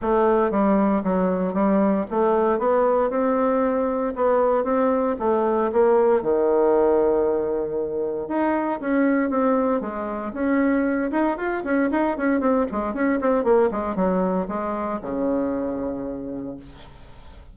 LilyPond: \new Staff \with { instrumentName = "bassoon" } { \time 4/4 \tempo 4 = 116 a4 g4 fis4 g4 | a4 b4 c'2 | b4 c'4 a4 ais4 | dis1 |
dis'4 cis'4 c'4 gis4 | cis'4. dis'8 f'8 cis'8 dis'8 cis'8 | c'8 gis8 cis'8 c'8 ais8 gis8 fis4 | gis4 cis2. | }